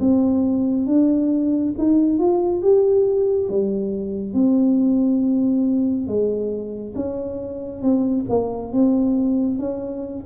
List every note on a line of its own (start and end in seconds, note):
0.00 0.87 C4
0.87 1.74 D4
1.78 2.19 D#4
2.19 2.62 F4
2.62 3.49 G4
3.49 4.34 G3
4.34 6.07 C4
6.07 6.94 G#3
6.95 7.82 C#4
7.82 8.25 C4
8.29 8.72 A#3
8.72 9.58 C4
9.58 10.24 C#4